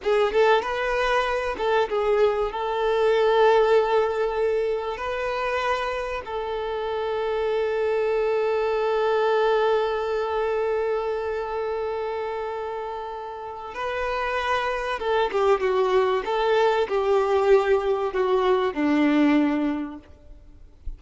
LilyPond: \new Staff \with { instrumentName = "violin" } { \time 4/4 \tempo 4 = 96 gis'8 a'8 b'4. a'8 gis'4 | a'1 | b'2 a'2~ | a'1~ |
a'1~ | a'2 b'2 | a'8 g'8 fis'4 a'4 g'4~ | g'4 fis'4 d'2 | }